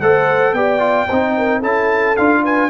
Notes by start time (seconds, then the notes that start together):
0.00 A3 A4 C5 F#5
0.52 B3 G4 D5 G5
0.79 F4
1.08 C4 D#4 C5
1.37 A#4
1.59 C#4 E4 A4 A5
2.16 D4 F4 F5
2.43 B4 G#5